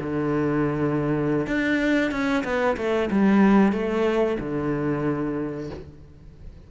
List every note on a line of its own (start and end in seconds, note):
0.00 1.46 D3
1.46 2.11 D4
2.11 2.43 C#4
2.44 2.76 B3
2.77 3.09 A3
3.10 3.72 G3
3.72 4.38 A3
4.39 5.70 D3